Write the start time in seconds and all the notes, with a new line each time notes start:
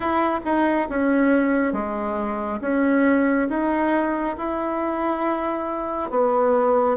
0.00 E4
0.44 D#4
0.89 C#4
1.72 G#3
2.61 C#4
3.49 D#4
4.37 E4
6.10 B3